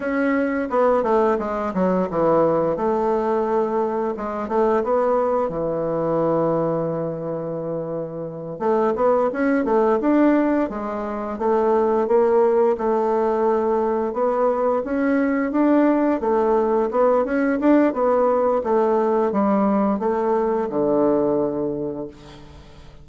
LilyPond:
\new Staff \with { instrumentName = "bassoon" } { \time 4/4 \tempo 4 = 87 cis'4 b8 a8 gis8 fis8 e4 | a2 gis8 a8 b4 | e1~ | e8 a8 b8 cis'8 a8 d'4 gis8~ |
gis8 a4 ais4 a4.~ | a8 b4 cis'4 d'4 a8~ | a8 b8 cis'8 d'8 b4 a4 | g4 a4 d2 | }